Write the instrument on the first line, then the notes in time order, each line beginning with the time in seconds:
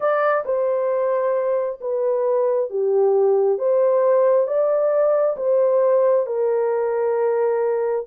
horn
0.00 D5
0.45 C5
1.81 B4
2.69 G4
3.58 C5
4.47 D5
5.36 C5
6.26 A#4